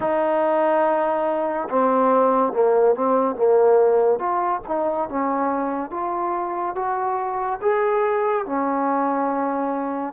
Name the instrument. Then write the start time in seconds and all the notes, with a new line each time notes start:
trombone
0.00 D#4
1.69 C4
2.52 A#3
2.95 C4
3.35 A#3
4.19 F4
4.67 D#4
5.09 C#4
5.90 F4
6.75 F#4
7.61 G#4
8.45 C#4